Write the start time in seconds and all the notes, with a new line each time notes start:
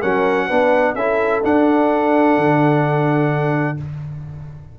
0.00 F#3 C#4 A#4 F#5
0.47 B3 D4 B4
0.95 C#4 E4 A4 E5
1.44 D4 F#5
2.37 D3